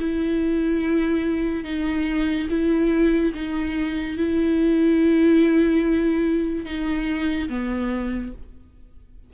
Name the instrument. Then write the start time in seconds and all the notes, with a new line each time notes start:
viola
0.00 E4
1.64 D#4
2.50 E4
3.34 D#4
4.17 E4
6.66 D#4
7.49 B3